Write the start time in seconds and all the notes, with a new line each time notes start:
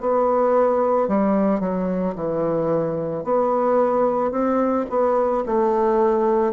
0.00 B3
1.08 G3
1.60 F#3
2.15 E3
3.24 B3
4.31 C4
4.89 B3
5.46 A3